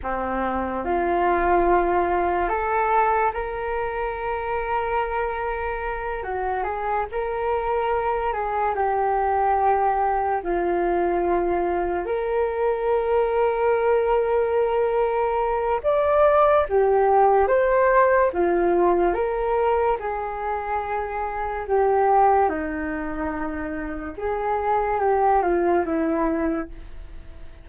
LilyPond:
\new Staff \with { instrumentName = "flute" } { \time 4/4 \tempo 4 = 72 c'4 f'2 a'4 | ais'2.~ ais'8 fis'8 | gis'8 ais'4. gis'8 g'4.~ | g'8 f'2 ais'4.~ |
ais'2. d''4 | g'4 c''4 f'4 ais'4 | gis'2 g'4 dis'4~ | dis'4 gis'4 g'8 f'8 e'4 | }